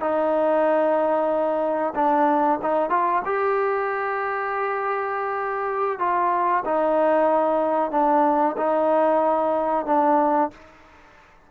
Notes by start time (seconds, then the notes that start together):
0.00 D#4
1.95 D4
2.62 D#4
2.90 F4
3.25 G4
5.99 F4
6.65 D#4
7.91 D4
8.57 D#4
9.86 D4